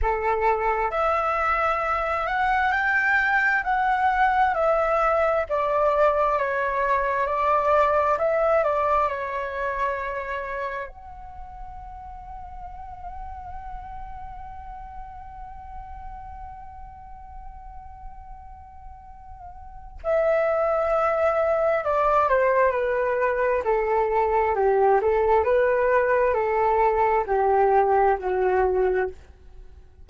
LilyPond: \new Staff \with { instrumentName = "flute" } { \time 4/4 \tempo 4 = 66 a'4 e''4. fis''8 g''4 | fis''4 e''4 d''4 cis''4 | d''4 e''8 d''8 cis''2 | fis''1~ |
fis''1~ | fis''2 e''2 | d''8 c''8 b'4 a'4 g'8 a'8 | b'4 a'4 g'4 fis'4 | }